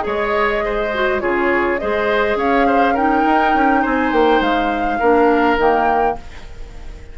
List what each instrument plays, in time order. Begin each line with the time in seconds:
0.00 clarinet G#4, oboe C#5, flute D#5
0.06 bassoon G#3
0.65 oboe C5
0.94 clarinet F#4
1.19 bassoon C#3, clarinet F4, oboe G#4, flute C#5
1.78 bassoon G#3, clarinet G#4, oboe C5, flute D#5
2.35 bassoon C#4, oboe C#5, flute F5
2.67 oboe C5
2.93 clarinet D#4, oboe A#4, flute G5
3.25 bassoon D#4
3.54 bassoon C#4
3.82 bassoon C4, oboe C5, flute G#5
4.12 bassoon A#3, flute G5
4.40 bassoon G#3, flute F5
4.99 bassoon A#3, clarinet D4, oboe A#4
5.57 bassoon D#3, clarinet A#3, flute G5